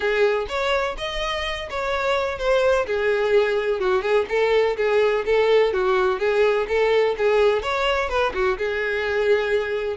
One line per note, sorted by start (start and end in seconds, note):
0.00 0.46 G#4
0.48 0.96 C#5
0.97 1.69 D#5
1.69 2.38 C#5
2.38 2.86 C5
2.86 3.80 G#4
3.80 4.02 F#4
4.02 4.25 G#4
4.28 4.76 A4
4.77 5.24 G#4
5.25 5.73 A4
5.73 6.19 F#4
6.19 6.66 G#4
6.68 7.15 A4
7.17 7.62 G#4
7.62 8.09 C#5
8.09 8.32 B4
8.33 8.57 F#4
8.57 9.97 G#4